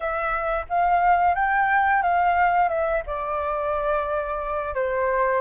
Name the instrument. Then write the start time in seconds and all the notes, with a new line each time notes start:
flute
0.00 E5
0.69 F5
1.35 G5
2.02 F5
2.68 E5
3.06 D5
4.74 C5